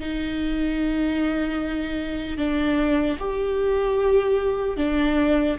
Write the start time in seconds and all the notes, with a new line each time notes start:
0.00 D#4
2.38 D4
3.19 G4
4.77 D4